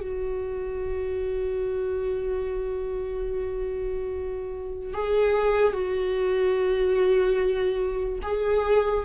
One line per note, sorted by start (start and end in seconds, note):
0.00 4.93 F#4
4.94 5.72 G#4
5.72 8.19 F#4
8.22 9.04 G#4